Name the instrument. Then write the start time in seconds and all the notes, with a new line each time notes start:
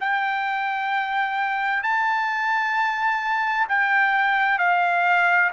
trumpet
0.00 G5
1.83 A5
3.68 G5
4.59 F5